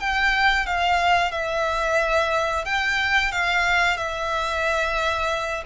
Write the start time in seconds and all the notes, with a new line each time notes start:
0.00 G5
0.67 F5
1.32 E5
2.65 G5
3.32 F5
3.97 E5